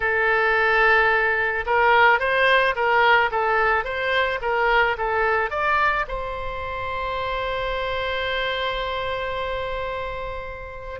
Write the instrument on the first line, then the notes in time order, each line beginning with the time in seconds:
oboe
0.00 A4
1.66 A#4
2.19 C5
2.75 A#4
3.31 A4
3.84 C5
4.41 A#4
4.97 A4
5.50 D5
6.08 C5